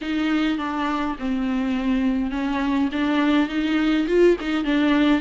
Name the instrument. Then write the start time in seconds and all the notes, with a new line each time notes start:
viola
0.01 D#4
0.58 D4
1.18 C4
2.31 C#4
2.92 D4
3.48 D#4
4.07 F4
4.40 D#4
4.64 D4